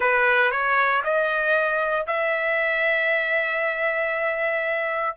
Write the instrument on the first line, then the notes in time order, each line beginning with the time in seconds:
trumpet
0.00 B4
0.51 C#5
1.03 D#5
2.06 E5